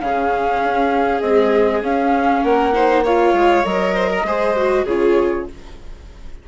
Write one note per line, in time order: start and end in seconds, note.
0.00 0.61 C#3
0.00 1.23 C#4
0.00 2.43 G#4
0.00 1.20 F5
0.63 1.21 C#4
1.20 1.83 G#3
1.20 1.81 C4
1.20 1.81 D#5
1.81 2.42 C#4
1.81 2.73 C#4
1.81 2.43 F5
2.43 3.33 A#3
2.43 2.73 A#4
2.43 3.04 F#5
2.73 3.03 D#4
2.73 3.03 C5
3.03 3.64 F4
3.03 3.94 C#5
3.03 3.65 F5
3.33 3.63 G#3
3.64 4.24 F#3
3.64 4.24 A#4
3.64 4.86 D#5
3.94 4.09 C5
4.10 4.26 A#4
4.24 4.84 G#3
4.24 4.56 G#4
4.24 4.84 C5
4.56 4.87 F#4
4.84 5.46 C#3
4.84 5.48 F4
4.84 5.45 G#4
4.84 5.48 C#5